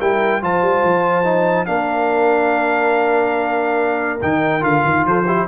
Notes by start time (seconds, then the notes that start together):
0.00 G3 E4 A#4 G5
0.42 F3 F4 C5 A5
0.62 G3
0.84 F3
1.24 D#4
1.66 A#3 D4 A#4 F5
4.22 D#3 D#4 G5
4.61 D3 F4 F5
4.86 D#3
5.05 F3 A4 C5
5.26 E4 G4